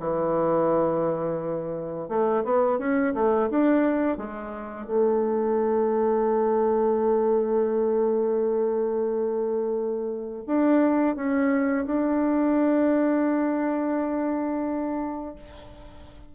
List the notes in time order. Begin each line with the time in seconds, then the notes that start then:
0.00 E3
2.08 A3
2.44 B3
2.79 C#4
3.14 A3
3.50 D4
4.17 G#3
4.86 A3
10.47 D4
11.16 C#4
11.86 D4